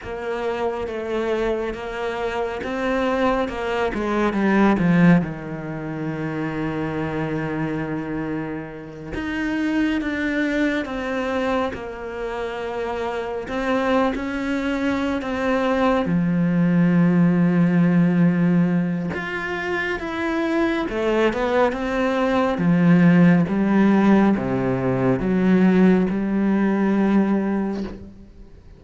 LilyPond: \new Staff \with { instrumentName = "cello" } { \time 4/4 \tempo 4 = 69 ais4 a4 ais4 c'4 | ais8 gis8 g8 f8 dis2~ | dis2~ dis8 dis'4 d'8~ | d'8 c'4 ais2 c'8~ |
c'16 cis'4~ cis'16 c'4 f4.~ | f2 f'4 e'4 | a8 b8 c'4 f4 g4 | c4 fis4 g2 | }